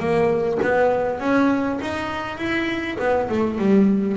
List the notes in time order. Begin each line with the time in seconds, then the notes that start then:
0.00 A#3
0.63 B3
1.20 C#4
1.82 D#4
2.38 E4
2.99 B3
3.30 A3
3.59 G3